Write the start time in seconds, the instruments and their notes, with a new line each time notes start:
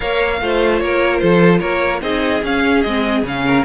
0.00 cello A#3, viola A#4, violin C#5 F5
0.41 cello A3, viola F4, violin C5
0.79 cello A#3, violin A#4 C#5
1.18 cello F3, violin A4 C5
1.59 cello A#3, violin A#4 C#5
2.01 cello C4, viola D#4, violin G#4 D#5
2.43 cello C#4, viola C#4, violin F5
2.81 cello G#3, viola C4, violin D#5
3.22 cello C#3, viola C#4, violin F5
3.45 violin A#4